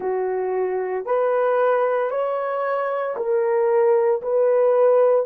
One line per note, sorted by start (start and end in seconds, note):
0.00 1.05 F#4
1.05 2.10 B4
2.10 3.15 C#5
3.16 4.21 A#4
4.22 5.25 B4